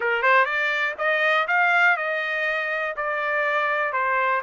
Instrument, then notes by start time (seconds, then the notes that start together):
trumpet
0.00 A#4
0.22 C5
0.45 D5
0.97 D#5
1.47 F5
1.96 D#5
2.96 D5
3.92 C5